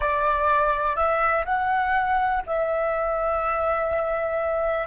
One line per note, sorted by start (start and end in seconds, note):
0.00 0.96 D5
0.96 1.45 E5
1.45 2.42 F#5
2.46 4.87 E5